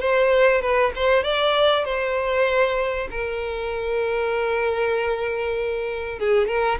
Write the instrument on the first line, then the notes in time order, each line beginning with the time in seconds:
violin
0.00 C5
0.61 B4
0.95 C5
1.23 D5
1.84 C5
3.10 A#4
6.19 G#4
6.47 A#4